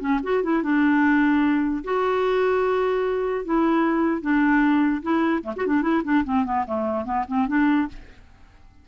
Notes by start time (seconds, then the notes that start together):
0.00 C#4
0.24 F#4
0.43 E4
0.63 D4
1.84 F#4
3.45 E4
4.22 D4
5.03 E4
5.43 A3
5.57 F#4
5.67 D4
5.82 E4
6.04 D4
6.25 C4
6.45 B3
6.67 A3
7.05 B3
7.28 C4
7.48 D4